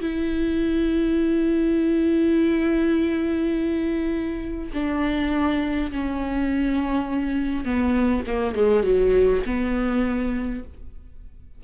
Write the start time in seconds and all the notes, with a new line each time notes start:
0.00 E4
4.73 D4
5.91 C#4
7.64 B3
8.26 A#3
8.55 G#3
8.83 F#3
9.45 B3